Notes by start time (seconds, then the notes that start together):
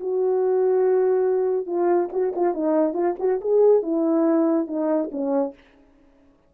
0.00 F#4
1.67 F4
2.12 F#4
2.36 F4
2.54 D#4
2.94 F4
3.19 F#4
3.41 G#4
3.82 E4
4.67 D#4
5.12 C#4